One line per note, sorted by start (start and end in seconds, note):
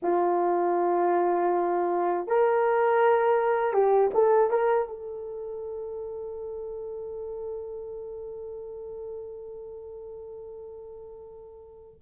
0.02 2.27 F4
2.27 3.73 A#4
3.73 4.10 G4
4.14 4.50 A4
4.50 4.88 A#4
4.88 12.00 A4